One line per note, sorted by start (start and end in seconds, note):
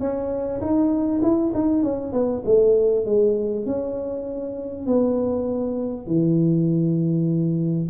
0.00 0.61 C#4
0.61 1.21 D#4
1.22 1.53 E4
1.54 1.83 D#4
1.83 2.12 C#4
2.12 2.43 B3
2.45 3.05 A3
3.05 3.66 G#3
3.66 4.86 C#4
4.86 6.07 B3
6.07 7.88 E3